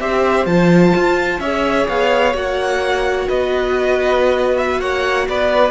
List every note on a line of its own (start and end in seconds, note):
0.00 0.46 C4
0.00 0.47 G4
0.00 1.42 C5
0.00 0.46 E5
0.46 0.93 F3
0.46 1.41 F4
0.46 1.40 A5
0.96 1.40 F4
1.40 1.87 C#4
1.40 2.34 G#4
1.40 3.29 C#5
1.40 1.87 E5
1.88 2.34 B3
1.88 2.36 F5
2.34 3.28 A#3
2.34 5.71 F#4
2.34 3.29 F#5
3.29 4.81 B3
3.29 4.81 B4
3.29 4.58 D#5
4.58 4.81 E5
4.81 5.28 A#3
4.81 5.28 C#5
4.81 5.28 F#5
5.29 5.71 B3
5.29 5.71 B4
5.29 5.71 D5